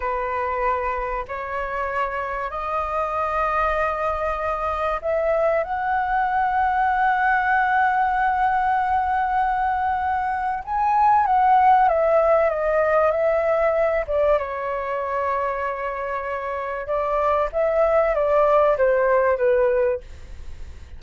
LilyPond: \new Staff \with { instrumentName = "flute" } { \time 4/4 \tempo 4 = 96 b'2 cis''2 | dis''1 | e''4 fis''2.~ | fis''1~ |
fis''4 gis''4 fis''4 e''4 | dis''4 e''4. d''8 cis''4~ | cis''2. d''4 | e''4 d''4 c''4 b'4 | }